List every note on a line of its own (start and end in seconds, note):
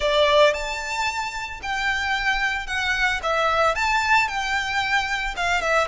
0.00 0.53 D5
0.53 1.60 A5
1.62 2.66 G5
2.66 3.20 F#5
3.22 3.75 E5
3.75 4.27 A5
4.27 5.34 G5
5.36 5.61 F5
5.61 5.87 E5